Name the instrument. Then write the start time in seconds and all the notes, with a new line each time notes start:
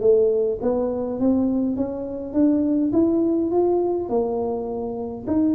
tuba
0.00 A3
0.61 B3
1.19 C4
1.76 C#4
2.33 D4
2.92 E4
3.51 F4
4.09 A#3
5.27 D#4